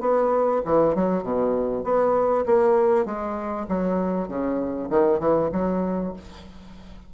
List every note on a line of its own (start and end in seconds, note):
0.00 0.61 B3
0.65 0.95 E3
0.95 1.23 F#3
1.23 1.84 B2
1.84 2.45 B3
2.46 3.06 A#3
3.06 3.67 G#3
3.68 4.28 F#3
4.28 4.89 C#3
4.90 5.19 D#3
5.19 5.50 E3
5.52 6.14 F#3